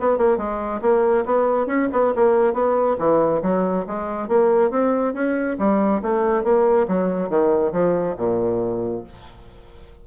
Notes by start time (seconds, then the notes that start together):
0.00 B3
0.17 A#3
0.37 G#3
0.81 A#3
1.25 B3
1.66 C#4
1.92 B3
2.15 A#3
2.53 B3
2.98 E3
3.42 F#3
3.87 G#3
4.28 A#3
4.70 C4
5.13 C#4
5.58 G3
6.02 A3
6.43 A#3
6.88 F#3
7.29 D#3
7.72 F3
8.17 A#2